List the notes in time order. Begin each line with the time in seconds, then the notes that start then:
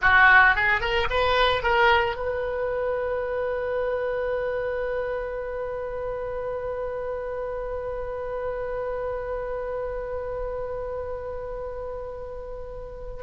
0.01 F#4
0.55 G#4
0.80 A#4
1.10 B4
1.62 A#4
2.16 B4